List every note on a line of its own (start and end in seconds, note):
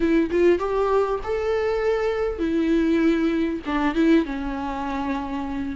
0.00 0.29 E4
0.31 0.59 F4
0.59 1.19 G4
1.23 2.39 A4
2.39 3.60 E4
3.66 3.94 D4
3.94 4.25 E4
4.25 5.75 C#4